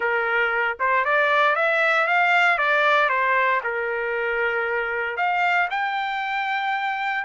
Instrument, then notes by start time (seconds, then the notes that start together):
trumpet
0.00 A#4
0.79 C5
1.04 D5
1.55 E5
2.07 F5
2.58 D5
3.09 C5
3.63 A#4
5.16 F5
5.70 G5